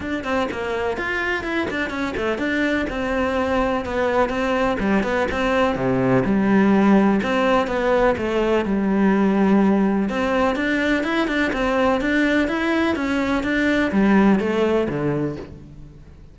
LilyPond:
\new Staff \with { instrumentName = "cello" } { \time 4/4 \tempo 4 = 125 d'8 c'8 ais4 f'4 e'8 d'8 | cis'8 a8 d'4 c'2 | b4 c'4 g8 b8 c'4 | c4 g2 c'4 |
b4 a4 g2~ | g4 c'4 d'4 e'8 d'8 | c'4 d'4 e'4 cis'4 | d'4 g4 a4 d4 | }